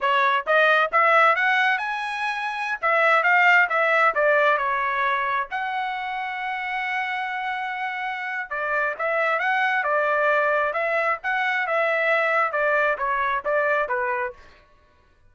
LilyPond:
\new Staff \with { instrumentName = "trumpet" } { \time 4/4 \tempo 4 = 134 cis''4 dis''4 e''4 fis''4 | gis''2~ gis''16 e''4 f''8.~ | f''16 e''4 d''4 cis''4.~ cis''16~ | cis''16 fis''2.~ fis''8.~ |
fis''2. d''4 | e''4 fis''4 d''2 | e''4 fis''4 e''2 | d''4 cis''4 d''4 b'4 | }